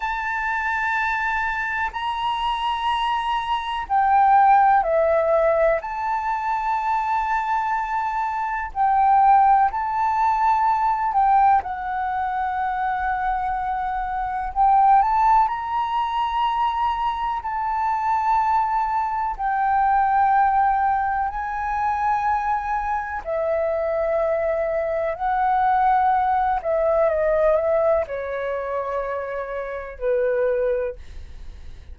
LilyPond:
\new Staff \with { instrumentName = "flute" } { \time 4/4 \tempo 4 = 62 a''2 ais''2 | g''4 e''4 a''2~ | a''4 g''4 a''4. g''8 | fis''2. g''8 a''8 |
ais''2 a''2 | g''2 gis''2 | e''2 fis''4. e''8 | dis''8 e''8 cis''2 b'4 | }